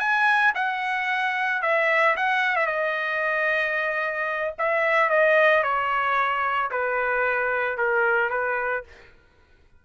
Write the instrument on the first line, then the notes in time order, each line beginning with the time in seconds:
trumpet
0.00 G#5
0.55 F#5
1.62 E5
2.17 F#5
2.56 E5
2.67 D#5
4.59 E5
5.10 D#5
5.64 C#5
6.71 B4
7.78 A#4
8.30 B4